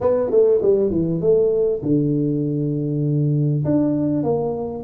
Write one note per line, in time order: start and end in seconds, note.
0.01 0.30 B3
0.30 0.60 A3
0.61 0.90 G3
0.90 1.20 E3
1.21 1.81 A3
1.82 3.64 D3
3.64 4.23 D4
4.23 4.83 A#3